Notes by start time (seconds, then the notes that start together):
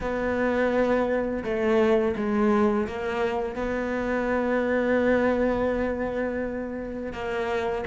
0.00 B3
1.44 A3
2.16 G#3
2.87 A#3
3.55 B3
7.12 A#3